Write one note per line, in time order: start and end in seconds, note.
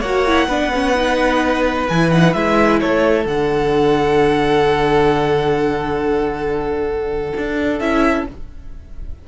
0.00 0.47 A#3
0.00 0.27 F#4
0.00 0.47 C#5
0.00 1.87 F#5
0.27 0.49 E4
0.47 1.87 B3
0.47 0.72 D4
0.47 2.80 B4
0.73 0.94 C#4
0.94 1.87 D#4
1.88 2.35 E3
1.88 2.11 E4
1.88 2.10 G#5
2.10 2.34 D#4
2.10 2.33 F#5
2.33 2.81 G#3
2.33 3.29 E4
2.33 2.79 E5
2.80 3.25 A3
2.80 8.28 A4
2.80 3.26 C#5
3.25 7.32 D3
3.25 7.81 D4
3.25 7.79 F#5
7.37 7.80 D4
7.79 8.27 C#4
7.79 8.27 E4
7.79 8.26 E5